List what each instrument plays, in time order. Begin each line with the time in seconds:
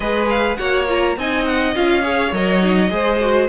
0.00 cello G#3, viola G#4, violin B4 D#5
0.29 violin F5
0.56 cello A#3, viola F#4, violin C#5 F#5
0.88 viola F4, violin A#5
1.16 cello C4, viola D#4, violin D#5 G#5
1.45 violin F#5
1.75 cello C#4, viola F4, violin F5
2.02 viola G#4, violin C#5
2.32 cello F#3, viola A#4, violin D#5
2.62 viola D#4
2.89 cello G#3, viola G#4, violin C5
3.20 viola F#4